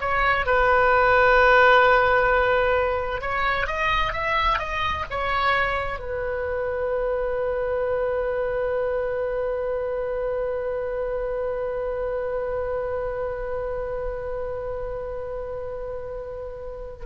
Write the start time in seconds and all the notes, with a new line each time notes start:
0.00 C#5
0.46 B4
3.21 C#5
3.66 D#5
4.12 E5
4.59 D#5
5.10 C#5
5.99 B4